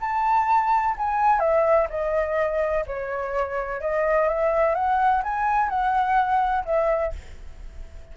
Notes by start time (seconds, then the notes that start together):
0.00 A5
0.97 G#5
1.39 E5
1.89 D#5
2.86 C#5
3.81 D#5
4.28 E5
4.74 F#5
5.23 G#5
5.69 F#5
6.65 E5